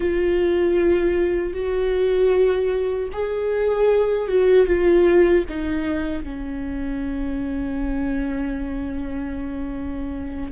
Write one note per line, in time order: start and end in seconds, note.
0.00 1.53 F4
1.53 3.09 F#4
3.12 4.28 G#4
4.28 4.66 F#4
4.66 5.44 F4
5.48 6.23 D#4
6.23 10.52 C#4